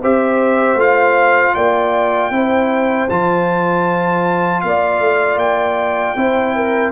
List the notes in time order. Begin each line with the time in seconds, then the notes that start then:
0.00 C4 G4 C5 E5
0.74 A3 F4 F5
1.54 A#3 D5 G5
2.30 C4 E4 C5
3.09 F3 F4 A5
4.61 A#3 D5 F5
4.99 A3
5.35 A#3 G5
6.15 C4 E4 C5
6.55 A#4